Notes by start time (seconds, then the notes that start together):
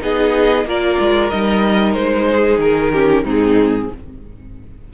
0.00 B3 D#4 G#4 D#5
0.66 A#3 F4 A#4 D5
1.00 G#3
1.30 G3 D#4 D#5
1.94 G#3 C5
2.31 G#4
2.59 D#3 A#4
2.93 C#4 G4
3.24 G#2 C4 D#4 G#4